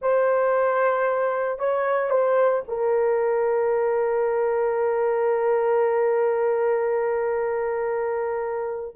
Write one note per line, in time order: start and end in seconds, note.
0.01 1.58 C5
1.58 2.10 C#5
2.10 2.62 C5
2.67 8.95 A#4